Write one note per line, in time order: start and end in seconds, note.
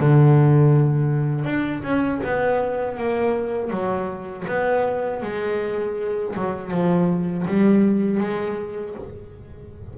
0.00 1.45 D3
1.45 1.82 D4
1.83 2.21 C#4
2.24 2.98 B3
2.98 3.71 A#3
3.71 4.46 F#3
4.48 5.23 B3
5.23 6.35 G#3
6.36 6.71 F#3
6.71 7.46 F3
7.48 8.20 G3
8.20 8.95 G#3